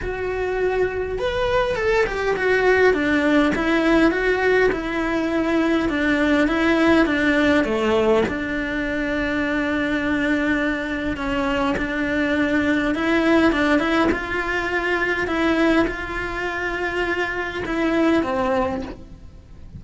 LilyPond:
\new Staff \with { instrumentName = "cello" } { \time 4/4 \tempo 4 = 102 fis'2 b'4 a'8 g'8 | fis'4 d'4 e'4 fis'4 | e'2 d'4 e'4 | d'4 a4 d'2~ |
d'2. cis'4 | d'2 e'4 d'8 e'8 | f'2 e'4 f'4~ | f'2 e'4 c'4 | }